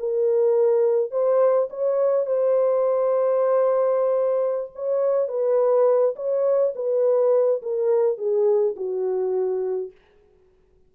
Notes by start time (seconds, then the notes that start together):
0.00 A#4
1.11 C5
1.70 C#5
2.27 C5
4.76 C#5
5.29 B4
6.17 C#5
6.76 B4
7.63 A#4
8.18 G#4
8.77 F#4